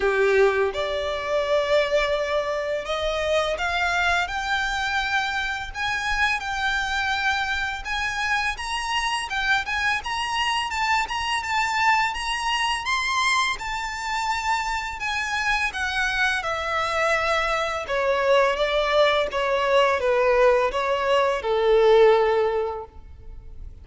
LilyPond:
\new Staff \with { instrumentName = "violin" } { \time 4/4 \tempo 4 = 84 g'4 d''2. | dis''4 f''4 g''2 | gis''4 g''2 gis''4 | ais''4 g''8 gis''8 ais''4 a''8 ais''8 |
a''4 ais''4 c'''4 a''4~ | a''4 gis''4 fis''4 e''4~ | e''4 cis''4 d''4 cis''4 | b'4 cis''4 a'2 | }